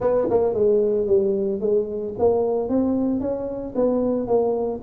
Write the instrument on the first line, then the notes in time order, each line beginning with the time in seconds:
tuba
0.00 B3
0.30 A#3
0.54 G#3
1.06 G3
1.60 G#3
2.18 A#3
2.69 C4
3.20 C#4
3.75 B3
4.27 A#3